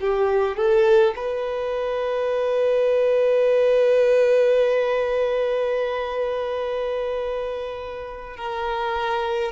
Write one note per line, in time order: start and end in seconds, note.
0.00 0.56 G4
0.56 1.14 A4
1.15 8.37 B4
8.37 9.51 A#4